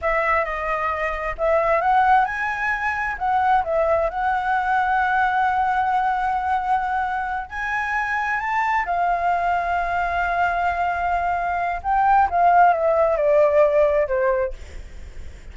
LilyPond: \new Staff \with { instrumentName = "flute" } { \time 4/4 \tempo 4 = 132 e''4 dis''2 e''4 | fis''4 gis''2 fis''4 | e''4 fis''2.~ | fis''1~ |
fis''8 gis''2 a''4 f''8~ | f''1~ | f''2 g''4 f''4 | e''4 d''2 c''4 | }